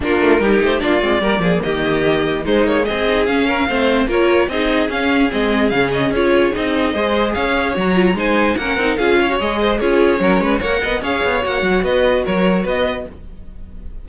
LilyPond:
<<
  \new Staff \with { instrumentName = "violin" } { \time 4/4 \tempo 4 = 147 ais'4. c''8 d''2 | dis''2 c''8 cis''8 dis''4 | f''2 cis''4 dis''4 | f''4 dis''4 f''8 dis''8 cis''4 |
dis''2 f''4 ais''4 | gis''4 fis''4 f''4 dis''4 | cis''2 fis''4 f''4 | fis''4 dis''4 cis''4 dis''4 | }
  \new Staff \with { instrumentName = "violin" } { \time 4/4 f'4 g'4 f'4 ais'8 gis'8 | g'2 dis'4 gis'4~ | gis'8 ais'8 c''4 ais'4 gis'4~ | gis'1~ |
gis'4 c''4 cis''2 | c''4 ais'4 gis'8 cis''4 c''8 | gis'4 ais'8 b'8 cis''8 dis''8 cis''4~ | cis''4 b'4 ais'4 b'4 | }
  \new Staff \with { instrumentName = "viola" } { \time 4/4 d'4 dis'4 d'8 c'8 ais4~ | ais2 gis4. dis'8 | cis'4 c'4 f'4 dis'4 | cis'4 c'4 cis'4 f'4 |
dis'4 gis'2 fis'8 f'8 | dis'4 cis'8 dis'8 f'8. fis'16 gis'4 | f'4 cis'4 ais'4 gis'4 | fis'1 | }
  \new Staff \with { instrumentName = "cello" } { \time 4/4 ais8 a8 g8 a8 ais8 gis8 g8 f8 | dis2 gis8 ais8 c'4 | cis'4 a4 ais4 c'4 | cis'4 gis4 cis4 cis'4 |
c'4 gis4 cis'4 fis4 | gis4 ais8 c'8 cis'4 gis4 | cis'4 fis8 gis8 ais8 b8 cis'8 b8 | ais8 fis8 b4 fis4 b4 | }
>>